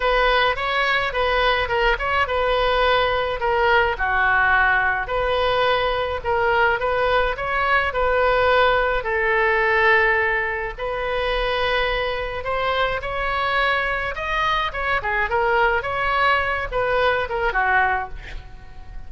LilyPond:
\new Staff \with { instrumentName = "oboe" } { \time 4/4 \tempo 4 = 106 b'4 cis''4 b'4 ais'8 cis''8 | b'2 ais'4 fis'4~ | fis'4 b'2 ais'4 | b'4 cis''4 b'2 |
a'2. b'4~ | b'2 c''4 cis''4~ | cis''4 dis''4 cis''8 gis'8 ais'4 | cis''4. b'4 ais'8 fis'4 | }